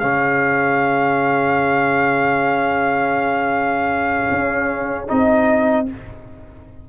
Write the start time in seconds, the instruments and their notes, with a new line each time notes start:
0.00 tuba C#3, trombone C#4, horn G#4, trumpet F5
4.31 tuba C#4
5.08 tuba C4, trombone D#4, trumpet D#5